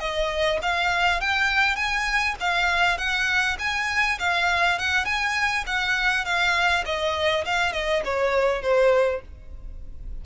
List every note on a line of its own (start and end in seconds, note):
0.00 0.59 D#5
0.63 1.21 F5
1.21 1.76 G5
1.76 2.35 G#5
2.41 2.98 F5
2.98 3.57 F#5
3.59 4.19 G#5
4.19 4.79 F5
4.79 5.05 F#5
5.05 5.65 G#5
5.67 6.25 F#5
6.25 6.85 F5
6.86 7.45 D#5
7.46 7.73 F5
7.73 8.03 D#5
8.05 8.62 C#5
8.62 9.22 C5